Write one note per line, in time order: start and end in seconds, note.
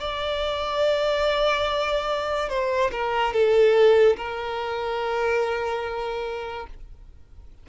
0.00 2.49 D5
2.49 2.91 C5
2.92 3.33 A#4
3.33 4.16 A4
4.17 6.67 A#4